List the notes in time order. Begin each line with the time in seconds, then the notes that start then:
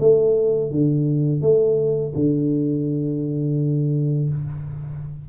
0.00 A3
0.71 D3
1.42 A3
2.15 D3